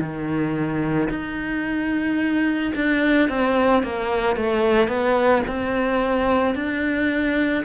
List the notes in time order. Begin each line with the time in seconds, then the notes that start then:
0.00 D#3
1.10 D#4
2.75 D4
3.29 C4
3.83 A#3
4.36 A3
4.88 B3
5.47 C4
6.55 D4